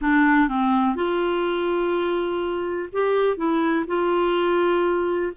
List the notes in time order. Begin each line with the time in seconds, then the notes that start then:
0.01 D4
0.48 C4
0.95 F4
2.92 G4
3.37 E4
3.87 F4